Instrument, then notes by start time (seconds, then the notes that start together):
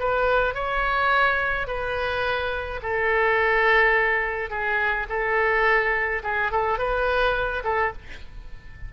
oboe
0.00 B4
0.55 C#5
1.67 B4
2.83 A4
4.51 G#4
5.09 A4
6.24 G#4
6.52 A4
6.79 B4
7.65 A4